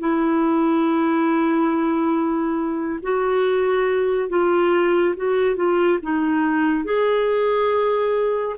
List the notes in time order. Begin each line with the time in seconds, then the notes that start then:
0.00 E4
3.02 F#4
4.29 F4
5.16 F#4
5.56 F4
6.02 D#4
6.85 G#4